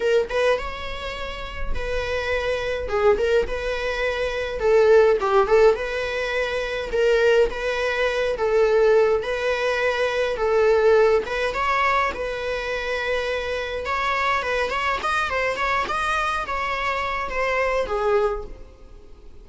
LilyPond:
\new Staff \with { instrumentName = "viola" } { \time 4/4 \tempo 4 = 104 ais'8 b'8 cis''2 b'4~ | b'4 gis'8 ais'8 b'2 | a'4 g'8 a'8 b'2 | ais'4 b'4. a'4. |
b'2 a'4. b'8 | cis''4 b'2. | cis''4 b'8 cis''8 dis''8 c''8 cis''8 dis''8~ | dis''8 cis''4. c''4 gis'4 | }